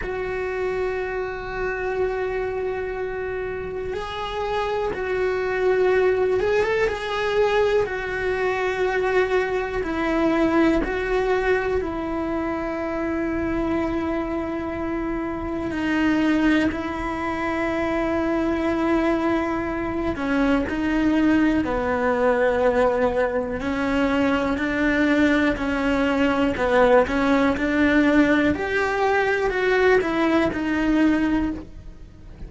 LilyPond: \new Staff \with { instrumentName = "cello" } { \time 4/4 \tempo 4 = 61 fis'1 | gis'4 fis'4. gis'16 a'16 gis'4 | fis'2 e'4 fis'4 | e'1 |
dis'4 e'2.~ | e'8 cis'8 dis'4 b2 | cis'4 d'4 cis'4 b8 cis'8 | d'4 g'4 fis'8 e'8 dis'4 | }